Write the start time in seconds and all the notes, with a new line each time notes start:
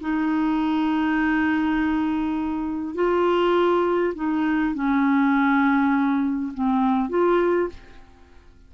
0.00 D#4
2.94 F4
4.15 D#4
4.74 C#4
6.54 C4
7.09 F4